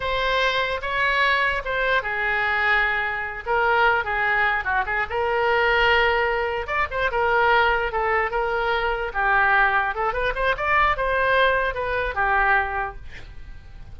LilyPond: \new Staff \with { instrumentName = "oboe" } { \time 4/4 \tempo 4 = 148 c''2 cis''2 | c''4 gis'2.~ | gis'8 ais'4. gis'4. fis'8 | gis'8 ais'2.~ ais'8~ |
ais'8 d''8 c''8 ais'2 a'8~ | a'8 ais'2 g'4.~ | g'8 a'8 b'8 c''8 d''4 c''4~ | c''4 b'4 g'2 | }